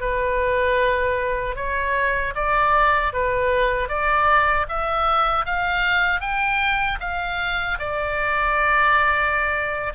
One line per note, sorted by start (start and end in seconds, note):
0.00 1.56 B4
1.56 2.34 C#5
2.35 3.13 D5
3.13 3.88 B4
3.88 4.66 D5
4.69 5.45 E5
5.45 6.21 F5
6.21 6.98 G5
7.00 7.78 F5
7.79 9.93 D5